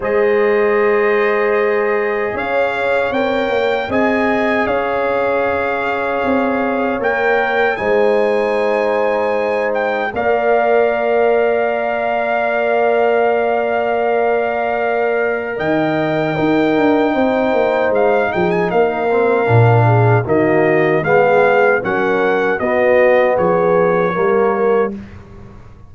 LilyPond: <<
  \new Staff \with { instrumentName = "trumpet" } { \time 4/4 \tempo 4 = 77 dis''2. f''4 | g''4 gis''4 f''2~ | f''4 g''4 gis''2~ | gis''8 g''8 f''2.~ |
f''1 | g''2. f''8 g''16 gis''16 | f''2 dis''4 f''4 | fis''4 dis''4 cis''2 | }
  \new Staff \with { instrumentName = "horn" } { \time 4/4 c''2. cis''4~ | cis''4 dis''4 cis''2~ | cis''2 c''2~ | c''4 d''2.~ |
d''1 | dis''4 ais'4 c''4. gis'8 | ais'4. gis'8 fis'4 gis'4 | ais'4 fis'4 gis'4 ais'4 | }
  \new Staff \with { instrumentName = "trombone" } { \time 4/4 gis'1 | ais'4 gis'2.~ | gis'4 ais'4 dis'2~ | dis'4 ais'2.~ |
ais'1~ | ais'4 dis'2.~ | dis'8 c'8 d'4 ais4 b4 | cis'4 b2 ais4 | }
  \new Staff \with { instrumentName = "tuba" } { \time 4/4 gis2. cis'4 | c'8 ais8 c'4 cis'2 | c'4 ais4 gis2~ | gis4 ais2.~ |
ais1 | dis4 dis'8 d'8 c'8 ais8 gis8 f8 | ais4 ais,4 dis4 gis4 | fis4 b4 f4 g4 | }
>>